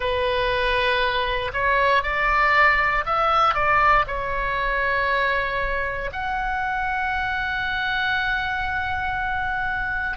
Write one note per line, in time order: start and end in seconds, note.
0.00 1.51 B4
1.53 2.02 C#5
2.02 3.04 D5
3.05 3.54 E5
3.54 4.04 D5
4.07 6.10 C#5
6.12 10.17 F#5